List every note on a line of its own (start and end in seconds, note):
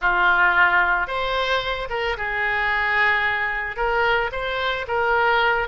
0.01 1.07 F4
1.07 1.88 C5
1.89 2.16 A#4
2.17 3.76 G#4
3.76 4.30 A#4
4.31 4.86 C5
4.87 5.68 A#4